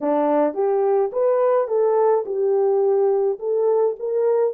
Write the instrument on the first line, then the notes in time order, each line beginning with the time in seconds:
horn
0.01 D4
0.54 G4
1.12 B4
1.67 A4
2.25 G4
3.39 A4
3.99 A#4